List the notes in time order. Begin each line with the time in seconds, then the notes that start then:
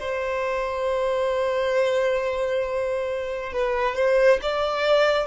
0.00 C5
3.53 B4
3.95 C5
4.42 D5